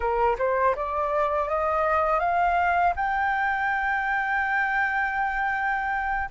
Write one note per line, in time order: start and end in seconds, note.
0.00 0.36 A#4
0.38 0.75 C5
0.75 1.48 D5
1.48 2.19 D#5
2.19 2.93 F5
2.96 6.29 G5